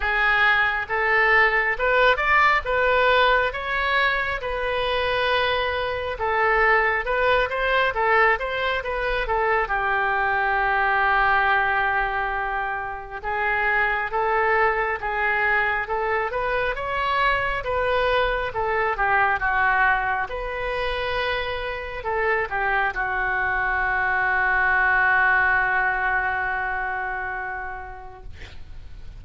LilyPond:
\new Staff \with { instrumentName = "oboe" } { \time 4/4 \tempo 4 = 68 gis'4 a'4 b'8 d''8 b'4 | cis''4 b'2 a'4 | b'8 c''8 a'8 c''8 b'8 a'8 g'4~ | g'2. gis'4 |
a'4 gis'4 a'8 b'8 cis''4 | b'4 a'8 g'8 fis'4 b'4~ | b'4 a'8 g'8 fis'2~ | fis'1 | }